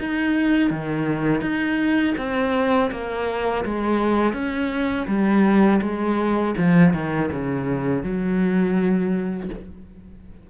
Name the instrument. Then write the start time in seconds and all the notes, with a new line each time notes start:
cello
0.00 D#4
0.71 D#3
1.42 D#4
2.18 C4
2.92 A#3
3.65 G#3
4.33 C#4
5.08 G3
5.82 G#3
6.58 F3
6.94 D#3
7.32 C#3
8.04 F#3